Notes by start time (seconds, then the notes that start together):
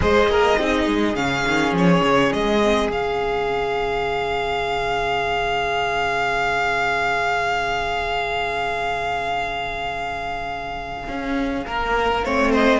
0.00 G#3 G#4 C5 D#5
0.28 A#3 A#4
0.57 C4 D#4 G#4
0.86 G#3
1.15 C#3 C#4 F5
1.46 D#3
1.72 F3 C#5
2.03 C#3
2.33 G#3 D#5
2.62 C4
2.89 C#3 C#4 F5
11.07 C#4
11.66 A#3 A#4
12.24 A3 C4 C#5
12.51 C5 D#5